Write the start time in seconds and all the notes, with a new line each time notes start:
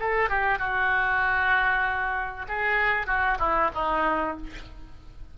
0.00 A4
0.30 G4
0.59 F#4
2.48 G#4
3.07 F#4
3.39 E4
3.75 D#4